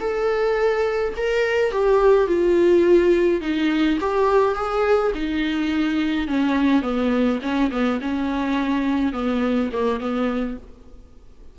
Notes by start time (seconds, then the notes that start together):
0.00 A4
1.17 A#4
1.72 G4
2.27 F4
3.42 D#4
4.01 G4
4.55 G#4
5.15 D#4
6.28 C#4
6.82 B3
7.42 C#4
7.71 B3
8.01 C#4
9.13 B3
9.72 A#3
10.00 B3